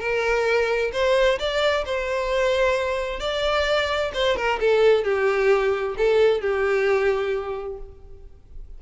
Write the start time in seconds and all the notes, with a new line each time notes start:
0.00 A#4
0.93 C5
1.39 D5
1.86 C5
3.20 D5
4.14 C5
4.37 A#4
4.61 A4
5.04 G4
5.98 A4
6.41 G4